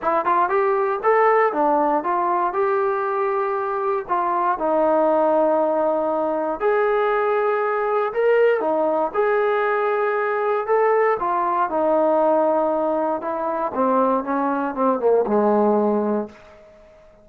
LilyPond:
\new Staff \with { instrumentName = "trombone" } { \time 4/4 \tempo 4 = 118 e'8 f'8 g'4 a'4 d'4 | f'4 g'2. | f'4 dis'2.~ | dis'4 gis'2. |
ais'4 dis'4 gis'2~ | gis'4 a'4 f'4 dis'4~ | dis'2 e'4 c'4 | cis'4 c'8 ais8 gis2 | }